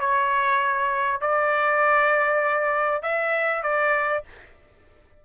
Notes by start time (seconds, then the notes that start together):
0.00 C#5
1.21 D5
3.03 E5
3.63 D5